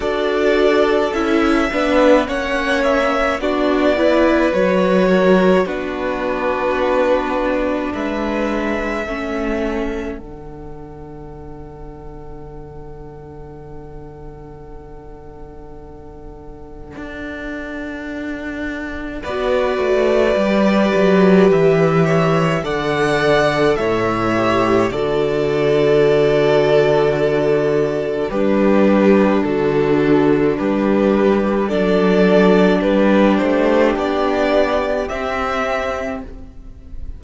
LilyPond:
<<
  \new Staff \with { instrumentName = "violin" } { \time 4/4 \tempo 4 = 53 d''4 e''4 fis''8 e''8 d''4 | cis''4 b'2 e''4~ | e''4 fis''2.~ | fis''1~ |
fis''4 d''2 e''4 | fis''4 e''4 d''2~ | d''4 b'4 a'4 b'4 | d''4 b'8 c''8 d''4 e''4 | }
  \new Staff \with { instrumentName = "violin" } { \time 4/4 a'4. b'8 cis''4 fis'8 b'8~ | b'8 ais'8 fis'2 b'4 | a'1~ | a'1~ |
a'4 b'2~ b'8 cis''8 | d''4 cis''4 a'2~ | a'4 d'2. | a'4 g'2. | }
  \new Staff \with { instrumentName = "viola" } { \time 4/4 fis'4 e'8 d'8 cis'4 d'8 e'8 | fis'4 d'2. | cis'4 d'2.~ | d'1~ |
d'4 fis'4 g'2 | a'4. g'8 fis'2~ | fis'4 g'4 fis'4 g'4 | d'2. c'4 | }
  \new Staff \with { instrumentName = "cello" } { \time 4/4 d'4 cis'8 b8 ais4 b4 | fis4 b2 gis4 | a4 d2.~ | d2. d'4~ |
d'4 b8 a8 g8 fis8 e4 | d4 a,4 d2~ | d4 g4 d4 g4 | fis4 g8 a8 b4 c'4 | }
>>